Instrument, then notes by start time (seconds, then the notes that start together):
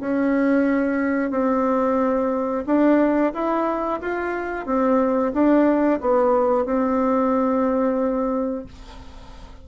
bassoon
0.00 C#4
1.31 C4
2.66 D4
3.33 E4
4.01 F4
4.66 C4
5.33 D4
6.01 B3
6.65 C4